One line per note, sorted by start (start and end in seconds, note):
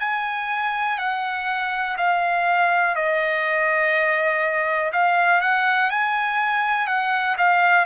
0.00 0.98 G#5
0.98 1.96 F#5
1.97 2.95 F5
2.95 4.92 D#5
4.93 5.41 F5
5.41 5.90 F#5
5.90 6.87 G#5
6.87 7.36 F#5
7.38 7.86 F5